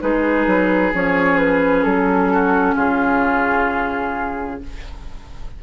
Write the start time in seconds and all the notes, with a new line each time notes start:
0.00 G#3 D#4 G#4 B4
0.47 F#3
0.93 F3 C#4 C#5
1.38 B4
1.83 F#3 A4
2.33 F#4
2.75 C#3 F4 G#4